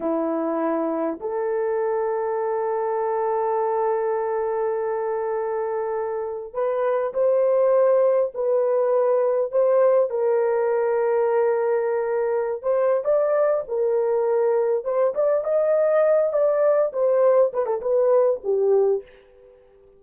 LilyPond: \new Staff \with { instrumentName = "horn" } { \time 4/4 \tempo 4 = 101 e'2 a'2~ | a'1~ | a'2. b'4 | c''2 b'2 |
c''4 ais'2.~ | ais'4~ ais'16 c''8. d''4 ais'4~ | ais'4 c''8 d''8 dis''4. d''8~ | d''8 c''4 b'16 a'16 b'4 g'4 | }